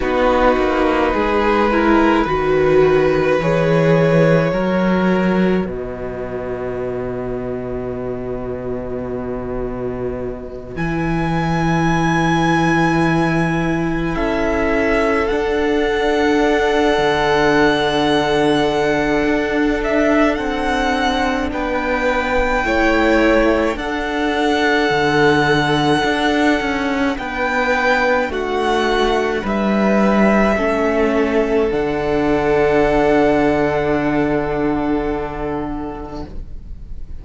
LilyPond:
<<
  \new Staff \with { instrumentName = "violin" } { \time 4/4 \tempo 4 = 53 b'2. cis''4~ | cis''4 dis''2.~ | dis''4. gis''2~ gis''8~ | gis''8 e''4 fis''2~ fis''8~ |
fis''4. e''8 fis''4 g''4~ | g''4 fis''2. | g''4 fis''4 e''2 | fis''1 | }
  \new Staff \with { instrumentName = "violin" } { \time 4/4 fis'4 gis'8 ais'8 b'2 | ais'4 b'2.~ | b'1~ | b'8 a'2.~ a'8~ |
a'2. b'4 | cis''4 a'2. | b'4 fis'4 b'4 a'4~ | a'1 | }
  \new Staff \with { instrumentName = "viola" } { \time 4/4 dis'4. e'8 fis'4 gis'4 | fis'1~ | fis'4. e'2~ e'8~ | e'4. d'2~ d'8~ |
d'1 | e'4 d'2.~ | d'2. cis'4 | d'1 | }
  \new Staff \with { instrumentName = "cello" } { \time 4/4 b8 ais8 gis4 dis4 e4 | fis4 b,2.~ | b,4. e2~ e8~ | e8 cis'4 d'4. d4~ |
d4 d'4 c'4 b4 | a4 d'4 d4 d'8 cis'8 | b4 a4 g4 a4 | d1 | }
>>